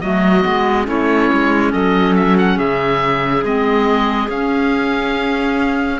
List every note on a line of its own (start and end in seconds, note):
0.00 0.44 F#3
0.00 0.42 A3
0.00 0.86 F#4
0.00 0.86 D#5
0.42 0.87 G#3
0.42 0.84 B3
0.84 1.30 A3
0.84 3.41 C#4
0.84 1.71 E4
0.84 1.72 C#5
1.33 1.73 G#3
1.71 2.58 F#3
1.71 2.55 A4
1.71 2.15 D#5
2.15 2.37 E5
2.38 2.58 F#5
2.55 3.43 C#3
2.55 5.98 G#4
2.55 3.44 E5
3.43 4.28 G#3
3.43 4.29 C4
3.43 4.29 D#5
4.28 5.99 C#4
4.28 5.99 F5